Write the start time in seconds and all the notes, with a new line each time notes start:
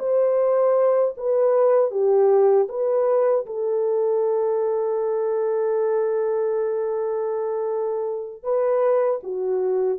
0.00 C5
1.18 B4
1.91 G4
2.69 B4
3.47 A4
8.44 B4
9.24 F#4